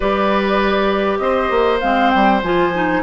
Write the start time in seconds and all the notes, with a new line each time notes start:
0.00 G3 G4 B4 D5
1.18 C4 C5 D#5
1.50 A#3
1.80 G#3 C4 F5
2.10 G3 G5
2.42 F3 F4 G#5
2.73 D#4